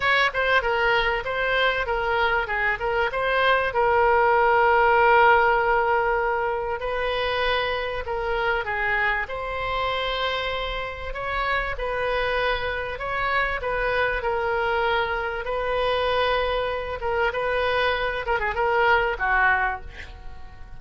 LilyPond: \new Staff \with { instrumentName = "oboe" } { \time 4/4 \tempo 4 = 97 cis''8 c''8 ais'4 c''4 ais'4 | gis'8 ais'8 c''4 ais'2~ | ais'2. b'4~ | b'4 ais'4 gis'4 c''4~ |
c''2 cis''4 b'4~ | b'4 cis''4 b'4 ais'4~ | ais'4 b'2~ b'8 ais'8 | b'4. ais'16 gis'16 ais'4 fis'4 | }